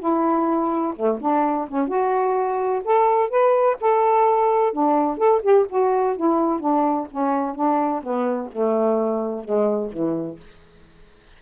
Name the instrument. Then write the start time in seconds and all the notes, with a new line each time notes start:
saxophone
0.00 E4
0.96 A3
1.21 D4
1.69 C#4
1.88 F#4
2.85 A4
3.30 B4
3.81 A4
4.73 D4
5.18 A4
5.43 G4
5.70 F#4
6.17 E4
6.61 D4
7.12 C#4
7.56 D4
8.03 B3
8.53 A3
9.45 G#3
9.92 E3